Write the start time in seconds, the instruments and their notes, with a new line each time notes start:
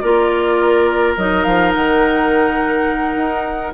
0.00 bassoon A#3, clarinet F4, oboe A#4, flute D5
1.17 bassoon F#3, clarinet D#4, flute D#5
1.44 bassoon F3, flute F5
1.74 bassoon D#3, flute F#5
3.16 bassoon D#4